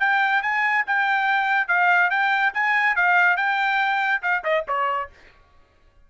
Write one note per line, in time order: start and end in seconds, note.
0.00 0.42 G5
0.42 0.85 G#5
0.87 1.68 G5
1.68 2.10 F5
2.10 2.53 G5
2.54 2.96 G#5
2.96 3.37 F5
3.37 4.22 G5
4.22 4.44 F5
4.44 4.65 D#5
4.68 5.10 C#5